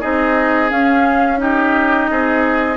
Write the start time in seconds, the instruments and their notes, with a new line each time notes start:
0.00 bassoon C4, clarinet D#4, oboe G#4, flute D#5
0.69 clarinet C#4, bassoon C#4, flute F5
1.37 clarinet D#4, oboe G4, flute D#5
2.10 bassoon C4, oboe G#4